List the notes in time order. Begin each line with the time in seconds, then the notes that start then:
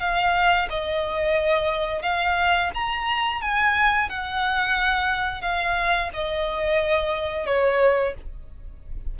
0.00 F5
0.70 D#5
2.02 F5
2.74 A#5
3.41 G#5
4.10 F#5
5.41 F5
6.13 D#5
7.46 C#5